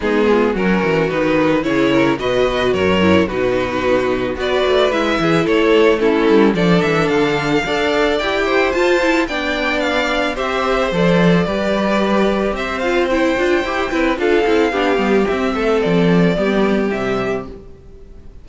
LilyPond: <<
  \new Staff \with { instrumentName = "violin" } { \time 4/4 \tempo 4 = 110 gis'4 ais'4 b'4 cis''4 | dis''4 cis''4 b'2 | d''4 e''4 cis''4 a'4 | d''8 e''8 f''2 g''4 |
a''4 g''4 f''4 e''4 | d''2. e''8 f''8 | g''2 f''2 | e''4 d''2 e''4 | }
  \new Staff \with { instrumentName = "violin" } { \time 4/4 dis'8 f'8 fis'2 gis'8 ais'8 | b'4 ais'4 fis'2 | b'4. gis'8 a'4 e'4 | a'2 d''4. c''8~ |
c''4 d''2 c''4~ | c''4 b'2 c''4~ | c''4. b'8 a'4 g'4~ | g'8 a'4. g'2 | }
  \new Staff \with { instrumentName = "viola" } { \time 4/4 b4 cis'4 dis'4 e'4 | fis'4. e'8 dis'2 | fis'4 e'2 cis'4 | d'2 a'4 g'4 |
f'8 e'8 d'2 g'4 | a'4 g'2~ g'8 f'8 | e'8 f'8 g'8 e'8 f'8 e'8 d'8 b8 | c'2 b4 g4 | }
  \new Staff \with { instrumentName = "cello" } { \time 4/4 gis4 fis8 e8 dis4 cis4 | b,4 fis,4 b,2 | b8 a8 gis8 e8 a4. g8 | f8 e8 d4 d'4 e'4 |
f'4 b2 c'4 | f4 g2 c'4~ | c'8 d'8 e'8 c'8 d'8 c'8 b8 g8 | c'8 a8 f4 g4 c4 | }
>>